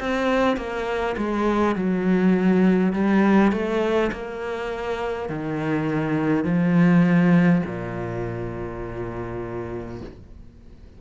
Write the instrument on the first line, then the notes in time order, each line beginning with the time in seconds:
cello
0.00 C4
0.57 A#3
1.18 G#3
1.76 F#3
2.94 G3
3.52 A3
4.12 A#3
5.29 D#3
6.44 F3
7.66 A#2